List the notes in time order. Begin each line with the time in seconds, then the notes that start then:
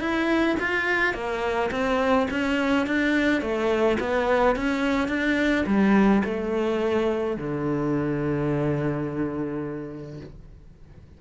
0.00 E4
0.60 F4
1.14 A#3
1.71 C4
2.31 C#4
2.87 D4
3.42 A3
4.00 B3
4.56 C#4
5.09 D4
5.66 G3
6.24 A3
7.37 D3